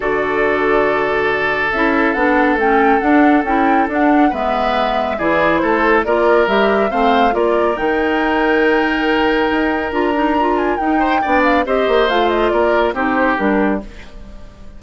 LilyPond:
<<
  \new Staff \with { instrumentName = "flute" } { \time 4/4 \tempo 4 = 139 d''1 | e''4 fis''4 g''4 fis''4 | g''4 fis''4 e''2 | d''4 c''4 d''4 e''4 |
f''4 d''4 g''2~ | g''2. ais''4~ | ais''8 gis''8 g''4. f''8 dis''4 | f''8 dis''8 d''4 c''4 ais'4 | }
  \new Staff \with { instrumentName = "oboe" } { \time 4/4 a'1~ | a'1~ | a'2 b'2 | gis'4 a'4 ais'2 |
c''4 ais'2.~ | ais'1~ | ais'4. c''8 d''4 c''4~ | c''4 ais'4 g'2 | }
  \new Staff \with { instrumentName = "clarinet" } { \time 4/4 fis'1 | e'4 d'4 cis'4 d'4 | e'4 d'4 b2 | e'2 f'4 g'4 |
c'4 f'4 dis'2~ | dis'2. f'8 dis'8 | f'4 dis'4 d'4 g'4 | f'2 dis'4 d'4 | }
  \new Staff \with { instrumentName = "bassoon" } { \time 4/4 d1 | cis'4 b4 a4 d'4 | cis'4 d'4 gis2 | e4 a4 ais4 g4 |
a4 ais4 dis2~ | dis2 dis'4 d'4~ | d'4 dis'4 b4 c'8 ais8 | a4 ais4 c'4 g4 | }
>>